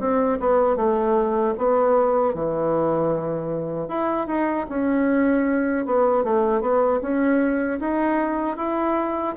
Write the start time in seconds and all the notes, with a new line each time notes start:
0.00 C4
0.40 B3
0.77 A3
1.58 B3
2.34 E3
3.89 E4
4.27 D#4
4.69 C#4
5.86 B3
6.24 A3
6.61 B3
7.02 C#4
7.80 D#4
8.57 E4